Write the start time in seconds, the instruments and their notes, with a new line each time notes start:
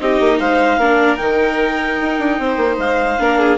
0.00 bassoon C4, viola D#4, violin G4, clarinet D#5
0.21 bassoon A#3
0.40 bassoon G#3, violin C5, clarinet F5
0.78 bassoon A#3, viola D4, violin A#4
1.17 bassoon D#3, viola D#4, clarinet G5
2.01 bassoon D#4
2.20 bassoon D4
2.40 bassoon C4, violin C5
2.58 bassoon A#3
2.78 bassoon G#3, clarinet F5
3.19 bassoon A#3, viola D4, violin A#4
3.40 violin G#4